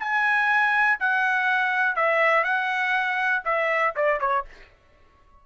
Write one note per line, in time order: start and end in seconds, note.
0.00 0.99 G#5
1.00 1.96 F#5
1.96 2.44 E5
2.44 3.43 F#5
3.45 3.95 E5
3.96 4.20 D5
4.20 4.45 C#5